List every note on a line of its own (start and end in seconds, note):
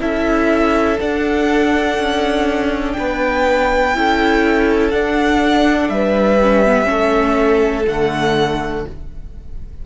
0.00 0.99 C#4
0.00 0.98 E4
0.00 2.95 A4
0.00 1.00 E5
0.99 3.94 D4
0.99 1.98 D4
0.99 2.92 F#5
1.98 2.97 C#4
2.92 3.96 B3
2.92 4.89 G5
2.98 3.97 B4
3.94 4.93 C#4
3.94 4.92 E4
3.94 5.93 A4
4.91 6.40 D4
4.91 5.89 D4
4.91 5.89 F#5
5.89 6.87 G3
5.89 6.88 B4
5.89 7.86 E5
6.42 6.66 C#4
6.66 6.84 B3
6.84 7.87 A3
6.84 7.83 C#4
6.84 8.85 A4
7.87 8.85 D3
7.87 8.86 A3
7.87 8.85 F#5